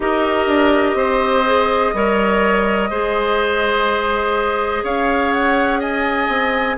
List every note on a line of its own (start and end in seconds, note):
0.00 0.47 D#4
0.00 1.45 G4
0.00 0.97 A#4
0.00 4.85 D#5
0.47 0.94 D4
0.94 1.91 C4
0.94 1.94 C5
1.45 1.94 G#4
1.93 2.90 G3
1.93 2.91 A#4
1.93 2.90 C#5
2.90 4.83 G#3
2.90 6.77 G#4
2.90 4.83 C5
4.83 6.28 C#4
4.83 5.79 C#5
4.83 5.31 F5
5.31 5.80 F#5
5.79 6.76 D#5
5.79 6.77 G#5
6.28 6.76 C4